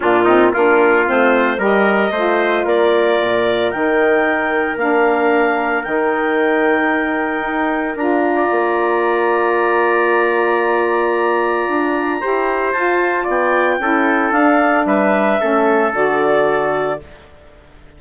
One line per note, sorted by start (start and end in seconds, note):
0.00 0.55 A#2
0.00 0.27 A#3
0.00 0.24 D4
0.00 0.53 F4
0.24 0.53 C4
0.24 0.51 D#4
0.53 1.09 A#3
0.53 1.05 D4
0.53 1.58 F4
0.53 1.06 A#4
1.05 1.58 A3
1.05 1.58 C4
1.05 1.61 C5
1.58 2.10 G3
1.58 2.11 G4
1.58 2.11 A#4
1.64 2.66 D#5
2.10 2.63 A3
2.10 3.72 F4
2.10 2.65 C5
2.65 3.18 A#3
2.65 8.36 A#4
2.65 3.71 D5
3.20 3.73 A#2
3.71 4.76 D#3
3.71 4.77 D#4
3.71 4.77 G5
4.76 5.82 A#3
4.76 5.83 D4
4.76 5.83 F5
5.83 7.41 D#3
5.83 7.96 D#4
5.83 7.95 G5
7.41 7.94 D#4
7.95 8.48 D4
7.95 12.20 F4
7.95 12.72 A#5
8.36 12.20 D5
8.51 11.68 A#3
11.68 12.21 D4
12.20 12.74 E4
12.20 12.73 G4
12.20 13.23 C5
12.72 13.79 F4
12.72 13.27 F4
12.72 13.25 A5
13.23 13.78 B3
13.23 13.76 D5
13.29 14.32 G5
13.78 14.31 C#4
13.78 14.33 E4
13.78 14.87 A4
14.31 14.84 D4
14.31 15.39 D4
14.31 14.85 F5
14.85 15.38 G3
14.85 15.40 B4
14.85 15.92 E5
15.39 15.93 A3
15.39 15.92 C#4
15.39 16.99 A4
15.93 16.99 D3
15.93 16.99 F#4
15.93 17.00 D5